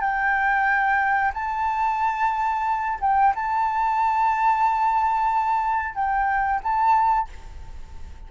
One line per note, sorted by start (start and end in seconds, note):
0.00 1.32 G5
1.34 2.99 A5
3.01 3.34 G5
3.35 5.94 A5
5.94 6.60 G5
6.63 7.29 A5